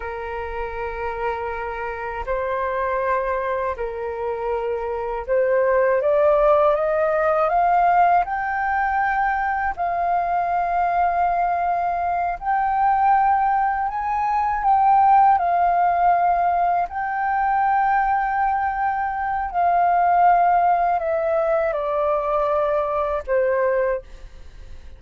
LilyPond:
\new Staff \with { instrumentName = "flute" } { \time 4/4 \tempo 4 = 80 ais'2. c''4~ | c''4 ais'2 c''4 | d''4 dis''4 f''4 g''4~ | g''4 f''2.~ |
f''8 g''2 gis''4 g''8~ | g''8 f''2 g''4.~ | g''2 f''2 | e''4 d''2 c''4 | }